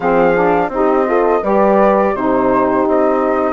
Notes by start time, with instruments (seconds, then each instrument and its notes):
0.00 bassoon F3, saxophone C4, horn G#4, flute F5
0.35 saxophone D4
0.68 bassoon C4, saxophone D#4, flute D#5
0.75 horn G4
1.04 saxophone F4, horn A4
1.42 bassoon G3, saxophone G4, horn B4, flute D5
2.14 bassoon C3, saxophone D#4, horn G4, flute C5
2.87 bassoon C4, flute D#5